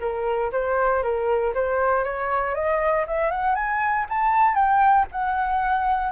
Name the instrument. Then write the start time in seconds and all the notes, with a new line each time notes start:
flute
0.00 A#4
0.52 C5
1.03 A#4
1.54 C5
2.04 C#5
2.55 D#5
3.07 E5
3.31 F#5
3.55 G#5
4.09 A5
4.55 G5
5.11 F#5